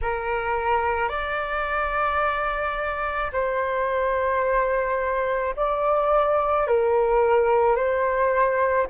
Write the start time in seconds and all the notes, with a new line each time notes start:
0.02 A#4
1.09 D5
3.32 C5
5.56 D5
6.67 A#4
7.75 C5